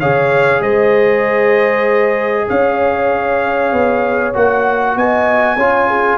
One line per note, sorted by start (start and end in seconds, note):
0.00 0.61 C#3
0.00 4.34 G#4
0.00 0.62 C#5
0.00 0.62 F5
0.61 2.46 G#3
0.61 2.48 C5
0.61 2.48 D#5
2.49 3.73 C#4
2.49 4.97 C#5
2.49 4.35 F5
3.73 4.35 B3
4.34 4.96 A#3
4.34 5.58 F#4
4.34 4.98 F#5
4.96 5.57 B3
4.96 5.57 D#5
4.96 6.18 G#5
5.57 6.18 C#4
5.57 6.18 F4
5.57 5.88 C#5
5.88 6.18 G#4